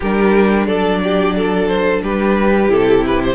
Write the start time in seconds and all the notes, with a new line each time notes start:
0.00 G3 D4 G4 A#4
0.66 F#3 A4 D5
1.03 G4
1.36 A4
1.67 C5
2.02 G3 G4 B4
2.69 C3 E4 A4
3.05 B4
3.23 C5